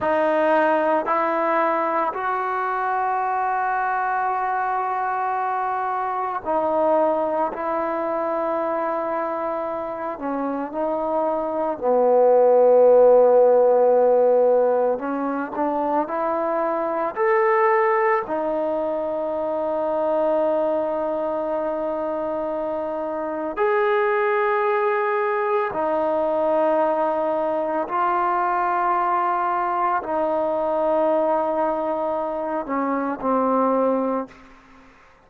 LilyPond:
\new Staff \with { instrumentName = "trombone" } { \time 4/4 \tempo 4 = 56 dis'4 e'4 fis'2~ | fis'2 dis'4 e'4~ | e'4. cis'8 dis'4 b4~ | b2 cis'8 d'8 e'4 |
a'4 dis'2.~ | dis'2 gis'2 | dis'2 f'2 | dis'2~ dis'8 cis'8 c'4 | }